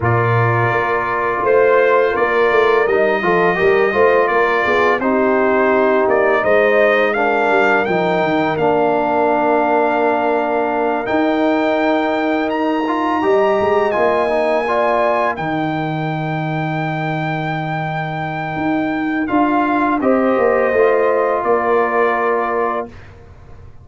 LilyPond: <<
  \new Staff \with { instrumentName = "trumpet" } { \time 4/4 \tempo 4 = 84 d''2 c''4 d''4 | dis''2 d''4 c''4~ | c''8 d''8 dis''4 f''4 g''4 | f''2.~ f''8 g''8~ |
g''4. ais''2 gis''8~ | gis''4. g''2~ g''8~ | g''2. f''4 | dis''2 d''2 | }
  \new Staff \with { instrumentName = "horn" } { \time 4/4 ais'2 c''4 ais'4~ | ais'8 a'8 ais'8 c''8 ais'8 gis'8 g'4~ | g'4 c''4 ais'2~ | ais'1~ |
ais'2~ ais'8 dis''4.~ | dis''8 d''4 ais'2~ ais'8~ | ais'1 | c''2 ais'2 | }
  \new Staff \with { instrumentName = "trombone" } { \time 4/4 f'1 | dis'8 f'8 g'8 f'4. dis'4~ | dis'2 d'4 dis'4 | d'2.~ d'8 dis'8~ |
dis'2 f'8 g'4 f'8 | dis'8 f'4 dis'2~ dis'8~ | dis'2. f'4 | g'4 f'2. | }
  \new Staff \with { instrumentName = "tuba" } { \time 4/4 ais,4 ais4 a4 ais8 a8 | g8 f8 g8 a8 ais8 b8 c'4~ | c'8 ais8 gis4. g8 f8 dis8 | ais2.~ ais8 dis'8~ |
dis'2~ dis'8 g8 gis8 ais8~ | ais4. dis2~ dis8~ | dis2 dis'4 d'4 | c'8 ais8 a4 ais2 | }
>>